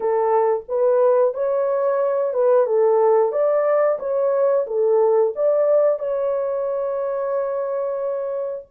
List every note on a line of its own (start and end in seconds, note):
0.00 0.63 A4
0.68 1.33 B4
1.33 2.33 C#5
2.33 2.66 B4
2.66 3.32 A4
3.32 3.98 D5
3.99 4.65 C#5
4.66 5.33 A4
5.35 5.98 D5
5.98 8.65 C#5